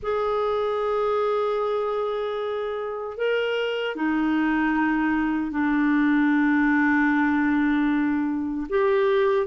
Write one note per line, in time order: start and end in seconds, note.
0.02 3.17 G#4
3.17 3.95 A#4
3.95 5.51 D#4
5.51 8.67 D4
8.69 9.46 G4